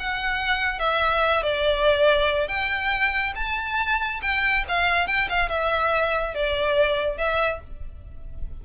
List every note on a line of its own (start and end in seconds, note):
0.00 0.80 F#5
0.80 1.43 E5
1.43 2.48 D5
2.48 3.33 G5
3.36 4.21 A5
4.22 4.65 G5
4.69 5.08 F5
5.08 5.29 G5
5.29 5.50 F5
5.50 6.35 E5
6.35 7.18 D5
7.18 7.61 E5